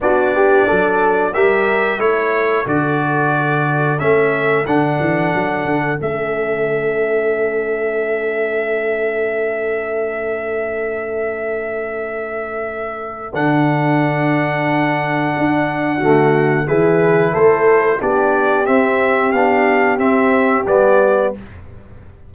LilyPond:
<<
  \new Staff \with { instrumentName = "trumpet" } { \time 4/4 \tempo 4 = 90 d''2 e''4 cis''4 | d''2 e''4 fis''4~ | fis''4 e''2.~ | e''1~ |
e''1 | fis''1~ | fis''4 b'4 c''4 d''4 | e''4 f''4 e''4 d''4 | }
  \new Staff \with { instrumentName = "horn" } { \time 4/4 fis'8 g'8 a'4 ais'4 a'4~ | a'1~ | a'1~ | a'1~ |
a'1~ | a'1 | fis'4 gis'4 a'4 g'4~ | g'1 | }
  \new Staff \with { instrumentName = "trombone" } { \time 4/4 d'2 g'4 e'4 | fis'2 cis'4 d'4~ | d'4 cis'2.~ | cis'1~ |
cis'1 | d'1 | a4 e'2 d'4 | c'4 d'4 c'4 b4 | }
  \new Staff \with { instrumentName = "tuba" } { \time 4/4 b4 fis4 g4 a4 | d2 a4 d8 e8 | fis8 d8 a2.~ | a1~ |
a1 | d2. d'4 | d4 e4 a4 b4 | c'4 b4 c'4 g4 | }
>>